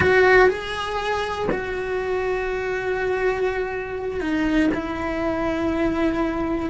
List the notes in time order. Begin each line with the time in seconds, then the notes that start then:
0.00 F#4
0.48 G#4
1.51 F#4
4.20 D#4
4.74 E4